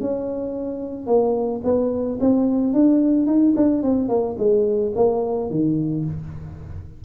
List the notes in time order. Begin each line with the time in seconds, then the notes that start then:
0.00 C#4
1.06 A#3
1.64 B3
2.20 C4
2.73 D4
3.26 D#4
3.56 D4
3.82 C4
4.08 A#3
4.38 G#3
4.95 A#3
5.50 D#3